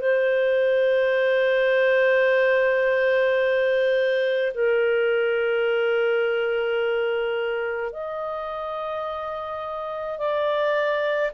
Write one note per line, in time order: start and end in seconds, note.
0.00 4.53 C5
4.54 7.92 A#4
7.92 10.18 D#5
10.18 11.31 D5